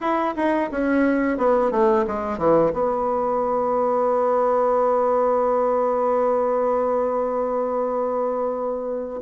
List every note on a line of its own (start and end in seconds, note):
0.00 0.34 E4
0.36 0.70 D#4
0.71 1.37 C#4
1.37 1.71 B3
1.71 2.05 A3
2.07 2.38 G#3
2.38 2.72 E3
2.73 9.20 B3